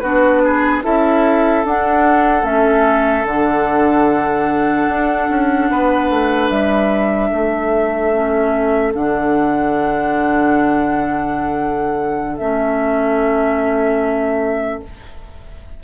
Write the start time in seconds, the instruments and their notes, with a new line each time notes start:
0.00 bassoon B3, clarinet D4, oboe F#4, flute B4
0.44 oboe G#4
0.83 bassoon C#4, clarinet E4, oboe A4, flute E5
1.65 bassoon D4, clarinet D4, flute F#5
2.43 bassoon A3, clarinet C#4, flute E5
3.25 bassoon D3, clarinet D4, flute F#5
4.88 bassoon D4
5.30 bassoon C#4
5.70 bassoon B3, oboe B4
6.10 bassoon A3
6.50 bassoon G3, flute E5
7.30 bassoon A3, oboe A4
8.13 clarinet C#4
8.94 bassoon D3, clarinet D4, flute F#5
12.37 bassoon A3, clarinet C#4, flute E5